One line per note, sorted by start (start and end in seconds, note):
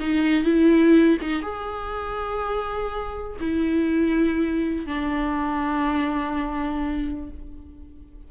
0.00 0.44 D#4
0.44 1.18 E4
1.22 1.42 D#4
1.42 3.37 G#4
3.40 4.86 E4
4.86 7.30 D4